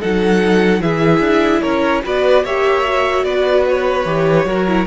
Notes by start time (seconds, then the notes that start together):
0.00 F#3 D#4 A4 F#5
0.81 E3 E4 G#4 E5
1.20 D4
1.61 C#4 A#4 C#5
2.04 B3 F#4 B4 D5
2.44 A#3 G4 C#5 E5
2.84 F#4
3.24 B3 B4 D5
3.69 C#5
4.05 E3 G4
4.45 F#3 F#4 A#4
4.68 E4